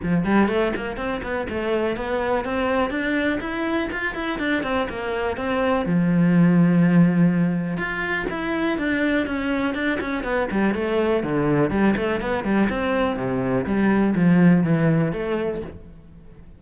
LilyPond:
\new Staff \with { instrumentName = "cello" } { \time 4/4 \tempo 4 = 123 f8 g8 a8 ais8 c'8 b8 a4 | b4 c'4 d'4 e'4 | f'8 e'8 d'8 c'8 ais4 c'4 | f1 |
f'4 e'4 d'4 cis'4 | d'8 cis'8 b8 g8 a4 d4 | g8 a8 b8 g8 c'4 c4 | g4 f4 e4 a4 | }